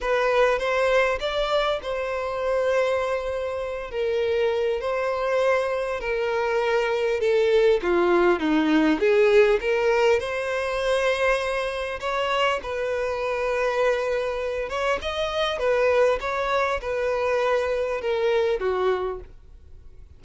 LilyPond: \new Staff \with { instrumentName = "violin" } { \time 4/4 \tempo 4 = 100 b'4 c''4 d''4 c''4~ | c''2~ c''8 ais'4. | c''2 ais'2 | a'4 f'4 dis'4 gis'4 |
ais'4 c''2. | cis''4 b'2.~ | b'8 cis''8 dis''4 b'4 cis''4 | b'2 ais'4 fis'4 | }